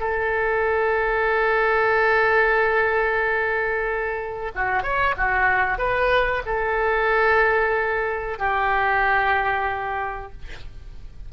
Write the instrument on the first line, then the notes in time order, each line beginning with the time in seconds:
oboe
0.00 A4
4.55 F#4
4.83 C#5
5.17 F#4
5.78 B4
6.46 A4
8.39 G4